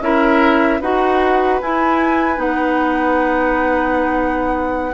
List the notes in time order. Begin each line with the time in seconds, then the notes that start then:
0.00 C#4 E4 A#4 E5
0.80 D#4 F#4 B4 F#5
1.61 E4 G#5
2.36 B3 D#4 F#5